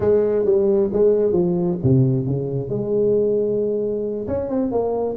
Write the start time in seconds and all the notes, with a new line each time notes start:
0.00 G#3
0.45 G3
0.92 G#3
1.32 F3
1.83 C3
2.26 C#3
2.69 G#3
4.27 C#4
4.49 C4
4.71 A#3